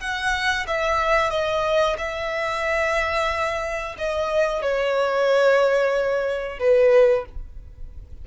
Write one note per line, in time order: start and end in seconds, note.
0.00 0.66 F#5
0.67 1.31 E5
1.31 1.97 D#5
1.98 3.96 E5
3.98 4.62 D#5
4.62 6.59 C#5
6.59 7.25 B4